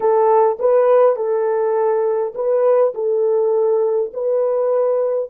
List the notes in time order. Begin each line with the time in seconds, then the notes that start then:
0.00 A4
0.59 B4
1.16 A4
2.34 B4
2.94 A4
4.13 B4